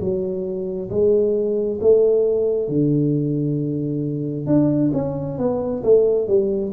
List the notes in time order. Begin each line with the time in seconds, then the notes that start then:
0.00 F#3
0.90 G#3
1.81 A3
2.69 D3
4.47 D4
4.93 C#4
5.39 B3
5.84 A3
6.28 G3